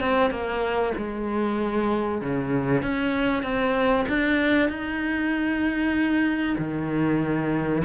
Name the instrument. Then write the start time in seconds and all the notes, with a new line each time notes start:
cello
0.00 C4
0.30 A#3
0.97 G#3
2.21 C#3
2.82 C#4
3.43 C4
4.08 D4
4.69 D#4
6.58 D#3